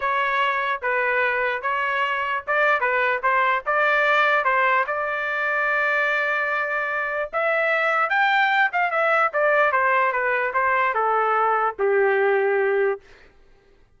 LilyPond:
\new Staff \with { instrumentName = "trumpet" } { \time 4/4 \tempo 4 = 148 cis''2 b'2 | cis''2 d''4 b'4 | c''4 d''2 c''4 | d''1~ |
d''2 e''2 | g''4. f''8 e''4 d''4 | c''4 b'4 c''4 a'4~ | a'4 g'2. | }